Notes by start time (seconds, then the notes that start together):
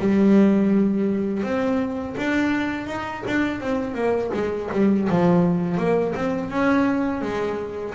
0.00 G3
1.44 C4
2.17 D4
2.87 D#4
3.27 D4
3.60 C4
3.95 A#3
4.34 G#3
4.72 G3
5.10 F3
5.78 A#3
6.15 C4
6.50 C#4
7.22 G#3